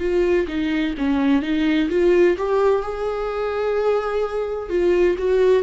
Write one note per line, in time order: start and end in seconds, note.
0.00 0.47 F4
0.48 0.95 D#4
0.98 1.42 C#4
1.42 1.89 D#4
1.90 2.37 F4
2.37 2.82 G4
2.82 4.69 G#4
4.69 5.16 F4
5.18 5.63 F#4